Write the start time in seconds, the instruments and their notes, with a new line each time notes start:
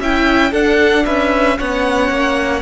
0.00 cello C#4, viola E4, violin E5 G5
0.52 cello D4, viola D4, violin A4 F#5
1.05 cello C#4, violin B4 E5
1.57 cello B3, viola C#4, violin C#5 F#5
2.10 cello A#3